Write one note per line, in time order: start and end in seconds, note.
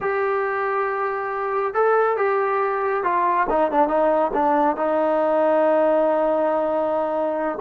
0.00 1.74 G4
1.74 2.17 A4
2.17 3.03 G4
3.03 3.47 F4
3.49 3.71 D#4
3.71 3.87 D4
3.87 4.31 D#4
4.33 4.76 D4
4.76 7.58 D#4